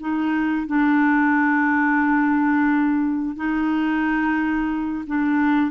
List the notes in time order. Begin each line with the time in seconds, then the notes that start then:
0.00 D#4
0.66 D4
3.36 D#4
5.07 D4